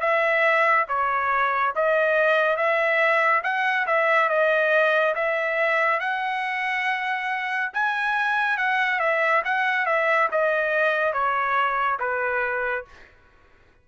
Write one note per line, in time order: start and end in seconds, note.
0.00 0.86 E5
0.88 1.74 C#5
1.75 2.56 D#5
2.56 3.42 E5
3.43 3.86 F#5
3.86 4.29 E5
4.29 5.15 D#5
5.15 6.00 E5
6.00 7.71 F#5
7.73 8.57 G#5
8.57 8.99 F#5
8.99 9.42 E5
9.44 9.86 F#5
9.86 10.29 E5
10.31 11.13 D#5
11.13 11.98 C#5
11.99 12.85 B4